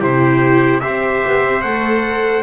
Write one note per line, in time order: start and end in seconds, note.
0.00 0.82 C3
0.00 0.81 E4
0.00 0.81 G4
0.00 0.80 C5
0.80 1.24 C4
0.80 1.62 G4
0.80 2.43 C5
0.80 1.61 E5
1.26 1.44 B3
1.44 1.64 C4
1.61 2.43 A3
1.61 2.43 A4
1.61 2.43 F#5